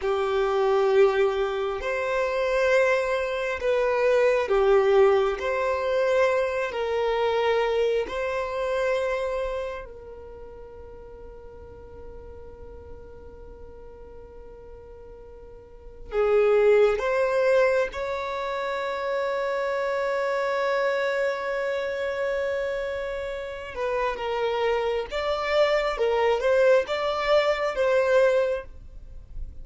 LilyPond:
\new Staff \with { instrumentName = "violin" } { \time 4/4 \tempo 4 = 67 g'2 c''2 | b'4 g'4 c''4. ais'8~ | ais'4 c''2 ais'4~ | ais'1~ |
ais'2 gis'4 c''4 | cis''1~ | cis''2~ cis''8 b'8 ais'4 | d''4 ais'8 c''8 d''4 c''4 | }